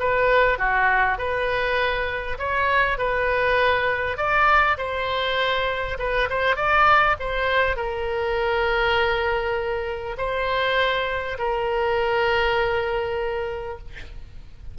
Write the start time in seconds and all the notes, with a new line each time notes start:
0.00 B4
0.59 F#4
1.18 B4
2.39 C#5
2.98 B4
4.17 D5
4.78 C5
5.99 B4
6.30 C5
6.56 D5
7.20 C5
7.76 A#4
10.18 C5
11.39 A#4